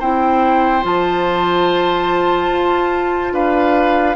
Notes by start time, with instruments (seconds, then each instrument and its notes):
0.00 bassoon C4, clarinet E4, oboe C5, flute G5
0.83 bassoon F3, clarinet F4, flute A5
2.49 bassoon F4
3.33 bassoon D4, oboe B4, flute F5